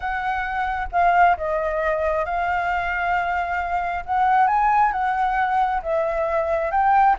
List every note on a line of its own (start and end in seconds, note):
0.00 0.87 F#5
0.92 1.36 F5
1.37 2.25 D#5
2.25 4.04 F5
4.05 4.47 F#5
4.47 4.91 G#5
4.92 5.81 F#5
5.82 6.71 E5
6.71 7.15 G5